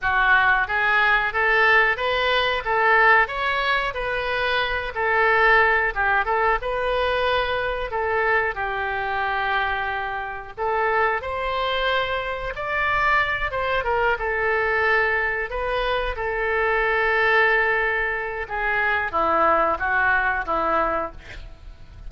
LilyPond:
\new Staff \with { instrumentName = "oboe" } { \time 4/4 \tempo 4 = 91 fis'4 gis'4 a'4 b'4 | a'4 cis''4 b'4. a'8~ | a'4 g'8 a'8 b'2 | a'4 g'2. |
a'4 c''2 d''4~ | d''8 c''8 ais'8 a'2 b'8~ | b'8 a'2.~ a'8 | gis'4 e'4 fis'4 e'4 | }